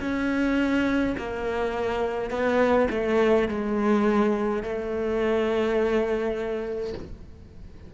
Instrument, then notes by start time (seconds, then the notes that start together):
cello
0.00 C#4
1.17 A#3
2.30 B3
2.90 A3
3.48 G#3
4.63 A3